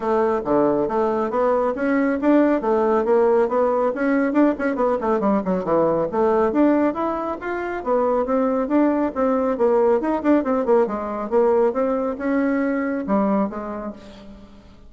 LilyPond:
\new Staff \with { instrumentName = "bassoon" } { \time 4/4 \tempo 4 = 138 a4 d4 a4 b4 | cis'4 d'4 a4 ais4 | b4 cis'4 d'8 cis'8 b8 a8 | g8 fis8 e4 a4 d'4 |
e'4 f'4 b4 c'4 | d'4 c'4 ais4 dis'8 d'8 | c'8 ais8 gis4 ais4 c'4 | cis'2 g4 gis4 | }